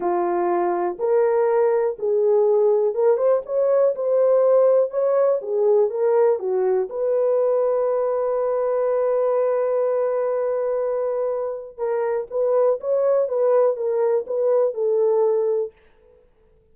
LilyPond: \new Staff \with { instrumentName = "horn" } { \time 4/4 \tempo 4 = 122 f'2 ais'2 | gis'2 ais'8 c''8 cis''4 | c''2 cis''4 gis'4 | ais'4 fis'4 b'2~ |
b'1~ | b'1 | ais'4 b'4 cis''4 b'4 | ais'4 b'4 a'2 | }